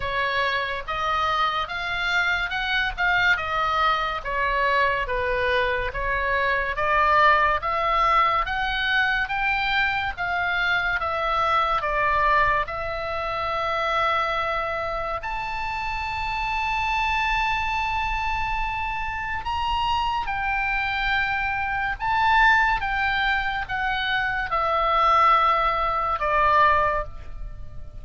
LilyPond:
\new Staff \with { instrumentName = "oboe" } { \time 4/4 \tempo 4 = 71 cis''4 dis''4 f''4 fis''8 f''8 | dis''4 cis''4 b'4 cis''4 | d''4 e''4 fis''4 g''4 | f''4 e''4 d''4 e''4~ |
e''2 a''2~ | a''2. ais''4 | g''2 a''4 g''4 | fis''4 e''2 d''4 | }